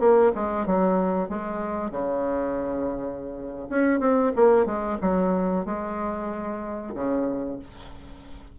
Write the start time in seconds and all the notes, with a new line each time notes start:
0.00 A#3
0.35 G#3
0.66 F#3
1.29 G#3
1.91 C#3
3.70 C#4
4.00 C4
4.36 A#3
4.66 G#3
5.01 F#3
5.65 G#3
6.95 C#3